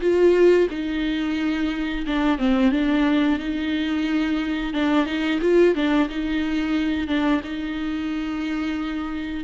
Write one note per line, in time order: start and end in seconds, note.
0.00 0.67 F4
0.70 2.05 D#4
2.06 2.38 D4
2.38 2.71 C4
2.71 3.39 D4
3.39 4.73 D#4
4.73 5.05 D4
5.05 5.39 D#4
5.41 5.75 F4
5.75 6.08 D4
6.09 7.07 D#4
7.07 7.41 D4
7.43 9.44 D#4